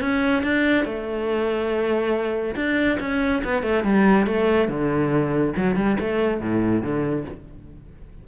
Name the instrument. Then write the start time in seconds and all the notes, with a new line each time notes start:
cello
0.00 C#4
0.43 D4
0.85 A3
2.55 D4
3.00 C#4
3.44 B3
3.62 A3
3.84 G3
4.26 A3
4.68 D3
5.56 F#3
5.75 G3
5.99 A3
6.40 A2
6.82 D3